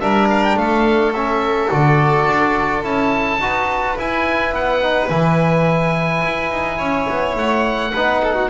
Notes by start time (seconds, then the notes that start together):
0.00 G3 D4 A#4 E5
0.30 F5
0.44 G5
0.56 A3 A4 F5
1.13 C#4 E5
1.71 D3 F#4 D5
2.27 D4
2.83 C#4 E4 A5
3.39 D#4 F#4 B4
3.98 E4 G#5
4.52 B3 F#5
4.83 D#4
5.09 E3 E4 G#5
6.24 E4
6.51 D#4
6.78 C#4 C#5
7.10 B3
7.36 A3 F#5
7.93 B3 D#4 B4
8.24 A4
8.35 F#4